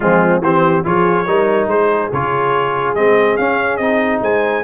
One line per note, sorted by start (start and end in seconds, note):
0.00 0.40 F3
0.00 0.42 G#3
0.00 0.42 C4
0.00 0.42 F4
0.40 0.82 E3
0.40 0.83 C4
0.40 0.84 G4
0.40 0.85 C5
0.83 1.27 F3
0.83 1.26 F4
0.83 1.27 G#4
0.83 1.69 C#5
1.26 1.66 G3
1.26 2.11 D#4
1.26 1.69 A#4
1.66 2.09 G#3
1.66 4.22 G#4
1.66 2.11 C5
2.12 2.94 C#3
2.12 2.96 F4
2.12 2.94 C#5
2.94 3.37 G#3
2.94 3.38 C4
2.94 3.37 D#5
3.37 3.81 C#4
3.37 3.78 C#4
3.37 3.76 F5
3.76 4.20 C4
3.76 4.63 D#4
3.76 4.19 D#5
4.21 4.63 G#3
4.21 4.63 C5
4.21 4.63 G#5